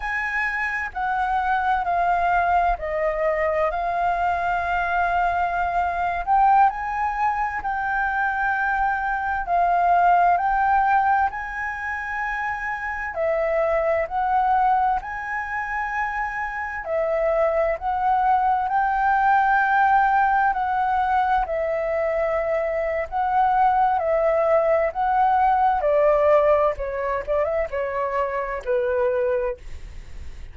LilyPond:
\new Staff \with { instrumentName = "flute" } { \time 4/4 \tempo 4 = 65 gis''4 fis''4 f''4 dis''4 | f''2~ f''8. g''8 gis''8.~ | gis''16 g''2 f''4 g''8.~ | g''16 gis''2 e''4 fis''8.~ |
fis''16 gis''2 e''4 fis''8.~ | fis''16 g''2 fis''4 e''8.~ | e''4 fis''4 e''4 fis''4 | d''4 cis''8 d''16 e''16 cis''4 b'4 | }